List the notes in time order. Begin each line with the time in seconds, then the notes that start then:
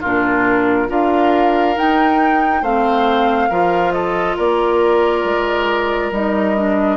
0.00 A#2 D4 F4 A#4
0.88 D4 F4 A#4 F5
1.75 D#4 G5
2.62 A3 C4 C5 F5
3.49 F3 F4 A#4
3.92 A4 D#5
4.36 A#3 A#4 D5
5.24 G#3
6.11 G3 D#4 D#5
6.56 D4